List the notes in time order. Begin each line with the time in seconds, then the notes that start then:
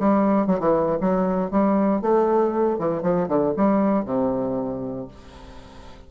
0.00 G3
0.47 F#3
0.60 E3
1.01 F#3
1.51 G3
2.02 A3
2.79 E3
3.03 F3
3.29 D3
3.57 G3
4.06 C3